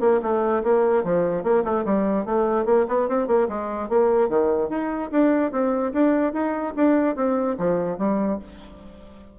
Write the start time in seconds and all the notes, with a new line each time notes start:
0.00 A#3
0.22 A3
0.63 A#3
1.04 F3
1.43 A#3
1.64 A3
1.85 G3
2.25 A3
2.65 A#3
2.88 B3
3.08 C4
3.27 A#3
3.48 G#3
3.88 A#3
4.29 D#3
4.69 D#4
5.11 D4
5.51 C4
5.93 D4
6.33 D#4
6.76 D4
7.15 C4
7.58 F3
7.98 G3